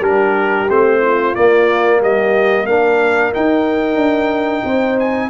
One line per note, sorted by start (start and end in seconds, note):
0.00 0.67 G3
0.00 0.68 D4
0.00 0.99 G4
0.00 0.69 A#4
0.70 1.35 A3
0.70 1.35 C4
0.70 1.35 C5
1.01 1.99 F4
1.35 2.67 A#3
1.35 2.00 A#3
1.35 2.01 D5
2.00 2.63 G3
2.00 2.66 G4
2.00 2.66 D#5
2.63 3.29 A#3
2.63 3.33 D4
2.63 4.65 A#4
2.63 3.32 F5
3.33 5.30 D#4
3.33 3.96 D#4
3.33 4.99 G5
3.96 4.62 D4
4.65 5.30 C4
4.65 5.30 C5
4.99 5.30 G#5